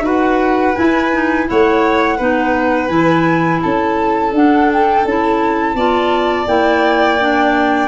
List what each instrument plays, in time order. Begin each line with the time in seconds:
0.00 tuba D#4, clarinet F#4, violin B4
0.06 flute F#5
0.75 clarinet E4, tuba E4, flute G#5
1.13 clarinet D#4
1.46 tuba A3, clarinet E4, violin C#5, flute F#5
2.17 tuba B3, clarinet D#4, violin B4
2.88 tuba E3, clarinet E4, flute G#5
3.61 tuba C#4, violin A4, flute A5
4.32 tuba D4, clarinet D4, flute F#5
4.73 flute G5
5.04 tuba C#4, clarinet E4, flute A5
5.74 tuba B3, clarinet F4, violin D5
6.46 tuba A#3, clarinet E4, flute G5
7.19 clarinet D4